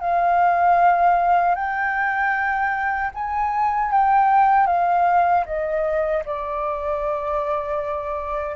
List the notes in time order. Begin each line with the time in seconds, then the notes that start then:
0.00 F5
1.55 G5
3.14 G#5
3.91 G5
4.67 F5
5.46 D#5
6.25 D5